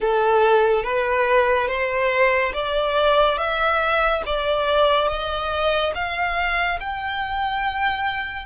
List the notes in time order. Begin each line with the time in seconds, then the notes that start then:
0.00 A4
0.83 B4
1.67 C5
2.53 D5
3.38 E5
4.26 D5
5.08 D#5
5.94 F5
6.80 G5